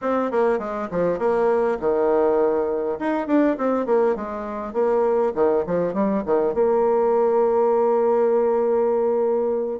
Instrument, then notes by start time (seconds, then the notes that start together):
bassoon
0.01 C4
0.31 A#3
0.58 G#3
0.90 F3
1.18 A#3
1.80 D#3
2.99 D#4
3.27 D4
3.57 C4
3.86 A#3
4.15 G#3
4.73 A#3
5.34 D#3
5.66 F3
5.93 G3
6.25 D#3
6.53 A#3